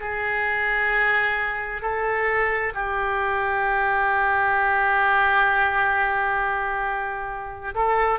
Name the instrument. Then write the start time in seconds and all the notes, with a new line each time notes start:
oboe
0.00 G#4
1.82 A4
2.74 G4
7.74 A4